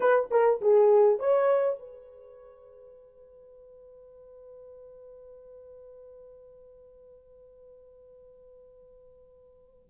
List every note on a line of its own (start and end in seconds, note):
0.00 0.29 B4
0.31 0.61 A#4
0.61 1.19 G#4
1.19 1.79 C#5
1.79 9.89 B4